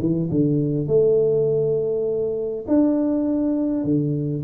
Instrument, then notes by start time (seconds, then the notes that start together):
tuba
0.00 E3
0.31 D3
0.87 A3
2.68 D4
3.84 D3